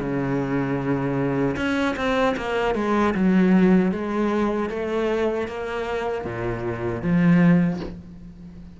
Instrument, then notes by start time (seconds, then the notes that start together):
cello
0.00 C#3
1.56 C#4
1.96 C4
2.37 A#3
2.74 G#3
3.14 F#3
3.91 G#3
4.69 A3
5.48 A#3
6.24 A#2
7.02 F3